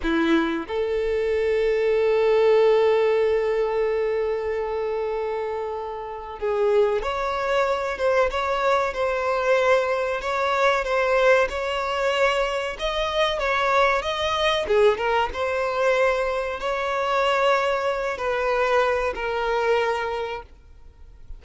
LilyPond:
\new Staff \with { instrumentName = "violin" } { \time 4/4 \tempo 4 = 94 e'4 a'2.~ | a'1~ | a'2 gis'4 cis''4~ | cis''8 c''8 cis''4 c''2 |
cis''4 c''4 cis''2 | dis''4 cis''4 dis''4 gis'8 ais'8 | c''2 cis''2~ | cis''8 b'4. ais'2 | }